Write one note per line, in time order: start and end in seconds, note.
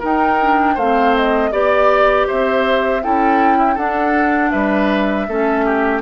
0.00 0.40 D#4
0.00 0.77 D#4
0.00 0.75 A#4
0.00 0.78 G5
0.40 0.78 D4
0.75 1.52 A3
0.75 1.52 C4
0.75 1.50 C5
0.75 1.16 F5
1.17 1.52 D#5
1.52 2.27 B3
1.52 3.02 G4
1.52 2.27 D5
2.27 3.05 C4
2.27 3.02 C5
2.27 3.03 E5
3.03 3.77 C#4
3.03 3.78 E4
3.03 3.58 A4
3.03 3.78 G5
3.58 3.75 E4
3.75 4.52 D4
3.75 5.29 D4
3.75 4.50 A4
3.75 4.51 F#5
4.51 5.28 G3
4.51 5.27 B4
4.51 6.01 E5
5.28 6.02 A3
5.28 6.02 C#4
5.28 5.65 A4
5.65 6.02 G4